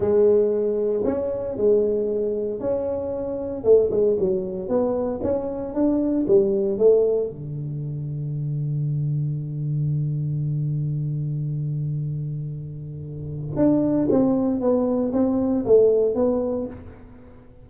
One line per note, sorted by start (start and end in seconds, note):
0.00 1.03 G#3
1.04 1.57 C#4
1.57 2.59 G#3
2.59 3.64 C#4
3.64 3.90 A3
3.90 4.16 G#3
4.19 4.68 F#3
4.68 5.20 B3
5.23 5.73 C#4
5.73 6.26 D4
6.27 6.78 G3
6.78 7.29 A3
7.29 13.55 D3
13.55 14.08 D4
14.09 14.60 C4
14.60 15.12 B3
15.13 15.65 C4
15.65 16.14 A3
16.14 16.66 B3